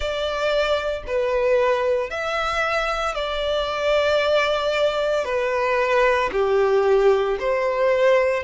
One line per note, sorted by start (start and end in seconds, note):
0.00 1.03 D5
1.07 2.10 B4
2.10 3.14 E5
3.14 5.24 D5
5.24 6.30 B4
6.32 7.37 G4
7.39 8.43 C5